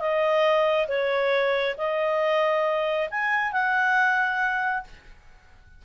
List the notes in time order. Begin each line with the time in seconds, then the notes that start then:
0.00 D#5
0.88 C#5
1.78 D#5
3.11 G#5
3.53 F#5